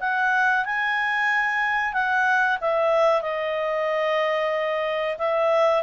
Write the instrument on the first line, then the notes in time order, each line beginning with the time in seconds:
clarinet
0.00 F#5
0.65 G#5
1.93 F#5
2.61 E5
3.21 D#5
5.18 E5